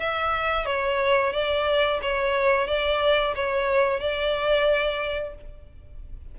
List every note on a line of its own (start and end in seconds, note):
0.00 0.66 E5
0.66 1.33 C#5
1.33 2.00 D5
2.03 2.68 C#5
2.68 3.35 D5
3.36 4.00 C#5
4.00 5.35 D5